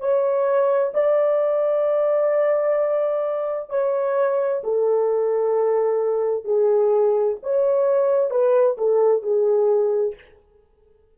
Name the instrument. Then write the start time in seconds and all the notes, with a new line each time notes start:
horn
0.00 C#5
0.94 D5
3.70 C#5
4.64 A4
6.44 G#4
7.43 C#5
8.30 B4
8.78 A4
9.22 G#4